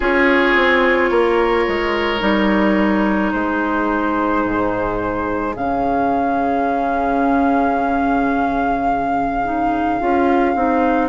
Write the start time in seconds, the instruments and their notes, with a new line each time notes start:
0.00 bassoon C#4, clarinet F4, oboe G#4, flute C#5
0.55 bassoon C4
1.10 bassoon A#3, oboe A#4
1.67 bassoon G#3
2.19 bassoon G3, clarinet D#4
3.32 bassoon G#3, oboe G#4, flute C5
4.44 bassoon G#2
5.55 bassoon C#3, clarinet C#4, flute F5
9.44 clarinet D#4
10.00 bassoon C#4, clarinet F4
10.55 bassoon C4, clarinet D#4